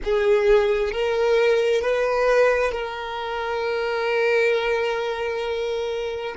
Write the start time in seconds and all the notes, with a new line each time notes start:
0.04 G#4
0.92 A#4
1.81 B4
2.71 A#4